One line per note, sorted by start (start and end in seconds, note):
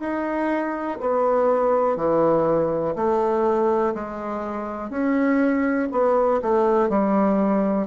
0.00 0.98 D#4
1.01 1.97 B3
1.97 2.96 E3
2.96 3.94 A3
3.95 4.90 G#3
4.90 5.89 C#4
5.92 6.42 B3
6.42 6.90 A3
6.90 7.88 G3